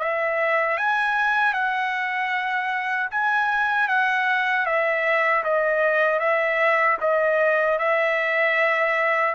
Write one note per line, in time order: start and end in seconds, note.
0.00 0.78 E5
0.78 1.54 G#5
1.54 3.10 F#5
3.11 3.89 G#5
3.89 4.66 F#5
4.66 5.44 E5
5.44 6.20 D#5
6.20 6.98 E5
7.01 7.79 D#5
7.79 9.35 E5